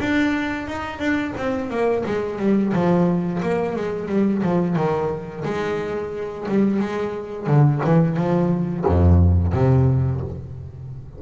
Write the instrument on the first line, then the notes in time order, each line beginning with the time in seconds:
double bass
0.00 D4
0.68 D#4
0.99 D4
1.37 C4
1.70 A#3
2.05 G#3
2.39 G3
2.73 F3
3.42 A#3
3.76 G#3
4.08 G3
4.43 F3
4.76 D#3
5.45 G#3
6.48 G3
6.79 G#3
7.47 D3
7.84 E3
8.16 F3
8.86 F2
9.53 C3